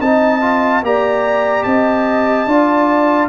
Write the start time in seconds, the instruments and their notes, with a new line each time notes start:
0.00 tuba C4, trombone D#4, horn D#5, trumpet A5
0.42 trombone F4
0.82 tuba A#3, trombone G4, horn D5, trumpet A#5
1.64 tuba C4, horn D#5, trumpet A5
2.46 tuba D4, trombone F4, horn D5